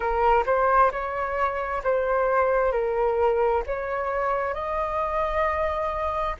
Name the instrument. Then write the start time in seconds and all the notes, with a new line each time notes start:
flute
0.00 A#4
0.45 C5
0.91 C#5
1.83 C5
2.71 A#4
3.66 C#5
4.53 D#5